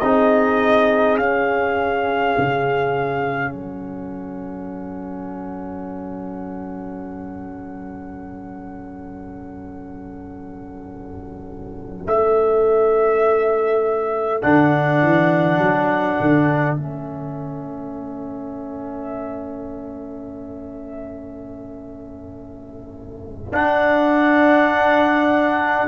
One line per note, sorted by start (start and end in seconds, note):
0.00 1.19 C4
0.00 1.19 D#4
0.00 3.54 G#4
0.00 1.18 D#5
1.18 2.37 C#4
1.18 14.42 C#4
1.18 3.52 F5
2.38 3.54 C#3
3.52 12.07 F#3
3.52 25.88 A4
3.52 12.05 F#5
12.07 14.42 A3
12.07 14.42 E5
14.42 15.02 D3
14.42 16.77 D4
14.42 16.76 F#5
15.02 15.58 E3
15.58 16.17 F#3
16.20 16.77 D3
16.76 23.52 A3
16.76 23.53 C#4
16.76 23.53 E5
23.52 25.87 D4
23.52 25.88 D4
23.52 25.88 F#5